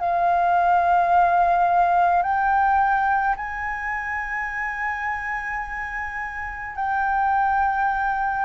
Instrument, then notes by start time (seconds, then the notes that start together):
flute
0.00 F5
2.23 G5
3.37 G#5
6.76 G5